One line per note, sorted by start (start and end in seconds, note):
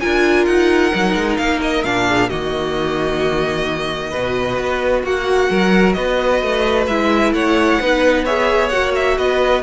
0.00 0.46 D4
0.00 0.92 F4
0.00 2.07 A#4
0.00 0.45 G#5
0.45 0.92 D#4
0.45 1.37 F#5
0.92 1.15 F#3
0.92 1.84 D#4
1.15 1.38 G#3
1.37 1.84 A#3
1.37 1.60 F5
1.62 1.84 D#5
1.84 2.30 A#2
1.84 2.30 D4
1.84 2.29 F5
2.07 2.29 G#4
2.29 4.13 D#3
2.29 4.14 A#3
2.29 4.11 F#4
2.29 5.04 D#5
4.11 4.58 B2
4.11 6.90 F#4
4.11 5.02 B4
4.58 5.04 B3
5.04 5.49 A#3
5.04 5.50 F#4
5.04 5.93 F#5
5.50 5.96 F#3
5.50 5.96 A#4
5.93 6.42 B3
5.93 7.34 B4
5.93 6.85 D#5
6.42 6.87 A3
6.87 7.33 G#3
6.87 7.82 E4
6.87 7.33 E5
7.33 7.79 A3
7.33 7.80 C#5
7.33 8.25 F#5
7.80 8.73 B3
7.80 8.27 D#4
7.80 8.25 B4
8.25 8.72 G#4
8.25 9.16 C#5
8.25 8.69 E5
8.69 9.18 A#3
8.69 9.62 F#4
8.69 8.92 F#5
8.95 9.18 E5
9.18 9.62 B3
9.18 9.62 B4
9.18 9.62 D#5